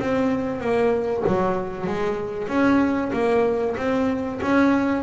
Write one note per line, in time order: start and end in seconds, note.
0.00 0.61 C4
0.61 1.24 A#3
1.27 1.87 F#3
1.87 2.49 G#3
2.49 3.12 C#4
3.13 3.76 A#3
3.77 4.40 C4
4.42 5.03 C#4